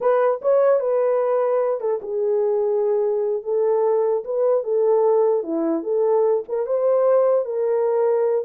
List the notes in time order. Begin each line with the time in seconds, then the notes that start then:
0.00 B4
0.41 C#5
0.80 B4
1.80 A4
2.02 G#4
3.43 A4
4.24 B4
4.63 A4
5.43 E4
5.83 A4
6.48 A#4
6.66 C5
7.45 A#4